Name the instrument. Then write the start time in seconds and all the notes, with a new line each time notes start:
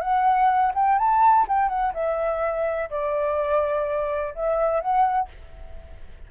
flute
0.00 F#5
0.74 G5
0.98 A5
1.47 G5
1.68 F#5
1.93 E5
2.90 D5
4.34 E5
4.80 F#5